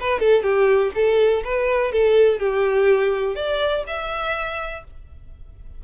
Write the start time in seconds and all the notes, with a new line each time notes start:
0.00 B4
0.19 A4
0.43 G4
0.95 A4
1.44 B4
1.92 A4
2.39 G4
3.35 D5
3.87 E5